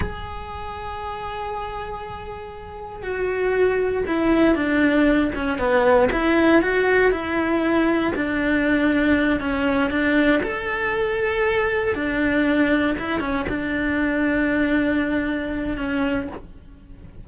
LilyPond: \new Staff \with { instrumentName = "cello" } { \time 4/4 \tempo 4 = 118 gis'1~ | gis'2 fis'2 | e'4 d'4. cis'8 b4 | e'4 fis'4 e'2 |
d'2~ d'8 cis'4 d'8~ | d'8 a'2. d'8~ | d'4. e'8 cis'8 d'4.~ | d'2. cis'4 | }